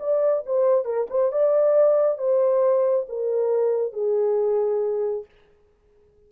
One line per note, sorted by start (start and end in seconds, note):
0.00 0.44 D5
0.46 0.85 C5
0.85 1.07 A#4
1.10 1.32 C5
1.32 2.19 D5
2.19 3.07 C5
3.09 3.93 A#4
3.93 5.26 G#4